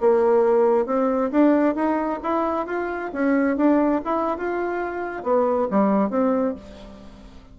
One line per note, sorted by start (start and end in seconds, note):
0.00 0.86 A#3
0.86 1.30 C4
1.31 1.75 D4
1.75 2.19 D#4
2.22 2.66 E4
2.66 3.11 F4
3.13 3.56 C#4
3.56 4.01 D4
4.04 4.37 E4
4.37 5.23 F4
5.23 5.68 B3
5.70 6.10 G3
6.10 6.54 C4